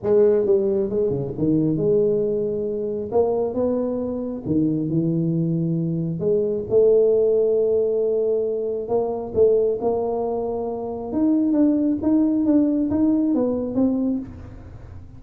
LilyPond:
\new Staff \with { instrumentName = "tuba" } { \time 4/4 \tempo 4 = 135 gis4 g4 gis8 cis8 dis4 | gis2. ais4 | b2 dis4 e4~ | e2 gis4 a4~ |
a1 | ais4 a4 ais2~ | ais4 dis'4 d'4 dis'4 | d'4 dis'4 b4 c'4 | }